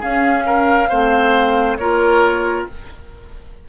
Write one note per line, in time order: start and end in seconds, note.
0.00 0.90 C#4
0.00 0.91 C#4
0.00 0.44 G#4
0.00 1.77 F5
0.47 0.89 A#4
0.89 1.78 A3
0.89 1.79 C4
0.89 1.78 C5
1.77 2.66 A#3
1.77 2.69 F4
1.77 2.68 A#4
1.77 2.65 C#5